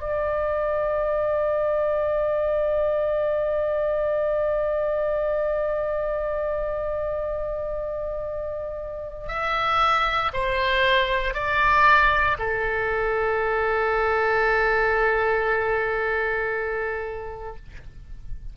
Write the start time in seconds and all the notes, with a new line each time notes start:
0.00 D5
9.28 E5
10.33 C5
11.34 D5
12.39 A4